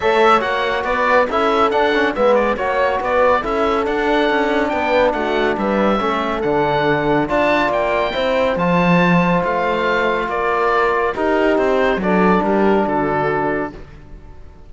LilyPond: <<
  \new Staff \with { instrumentName = "oboe" } { \time 4/4 \tempo 4 = 140 e''4 fis''4 d''4 e''4 | fis''4 e''8 d''8 cis''4 d''4 | e''4 fis''2 g''4 | fis''4 e''2 fis''4~ |
fis''4 a''4 g''2 | a''2 f''2 | d''2 ais'4 c''4 | d''4 ais'4 a'2 | }
  \new Staff \with { instrumentName = "horn" } { \time 4/4 cis''2 b'4 a'4~ | a'4 b'4 cis''4 b'4 | a'2. b'4 | fis'4 b'4 a'2~ |
a'4 d''2 c''4~ | c''1 | ais'2 g'2 | a'4 g'4 fis'2 | }
  \new Staff \with { instrumentName = "trombone" } { \time 4/4 a'4 fis'2 e'4 | d'8 cis'8 b4 fis'2 | e'4 d'2.~ | d'2 cis'4 d'4~ |
d'4 f'2 e'4 | f'1~ | f'2 dis'2 | d'1 | }
  \new Staff \with { instrumentName = "cello" } { \time 4/4 a4 ais4 b4 cis'4 | d'4 gis4 ais4 b4 | cis'4 d'4 cis'4 b4 | a4 g4 a4 d4~ |
d4 d'4 ais4 c'4 | f2 a2 | ais2 dis'4 c'4 | fis4 g4 d2 | }
>>